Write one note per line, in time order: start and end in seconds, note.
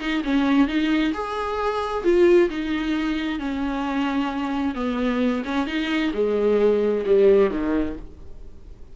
0.00 0.23 D#4
0.24 0.68 C#4
0.68 1.13 D#4
1.14 2.04 G#4
2.04 2.50 F4
2.50 3.39 D#4
3.39 4.75 C#4
4.75 5.43 B3
5.45 5.67 C#4
5.67 6.12 D#4
6.14 7.05 G#3
7.06 7.51 G3
7.51 7.96 D#3